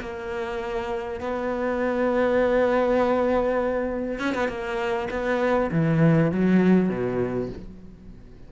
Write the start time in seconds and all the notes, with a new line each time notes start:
0.00 A#3
1.20 B3
4.19 C#4
4.34 B3
4.48 A#3
5.10 B3
5.71 E3
6.31 F#3
6.89 B2